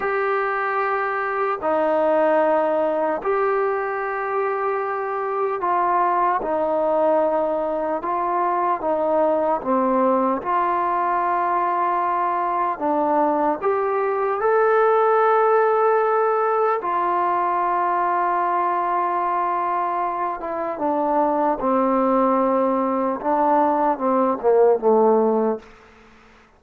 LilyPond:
\new Staff \with { instrumentName = "trombone" } { \time 4/4 \tempo 4 = 75 g'2 dis'2 | g'2. f'4 | dis'2 f'4 dis'4 | c'4 f'2. |
d'4 g'4 a'2~ | a'4 f'2.~ | f'4. e'8 d'4 c'4~ | c'4 d'4 c'8 ais8 a4 | }